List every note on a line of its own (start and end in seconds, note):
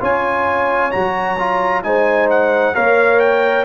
0.00 0.93 C#4
0.00 0.91 F4
0.00 1.83 C#5
0.00 0.91 G#5
0.91 1.84 F#3
0.91 1.37 F#4
0.91 1.82 A#5
1.39 1.84 F4
1.83 2.75 G#3
1.83 2.74 D#4
1.83 2.75 C5
1.83 2.29 G#5
2.30 2.75 F#5
2.74 3.65 A#3
2.74 3.65 A#4
2.74 3.65 C#5
2.74 3.20 F5
3.20 3.65 G5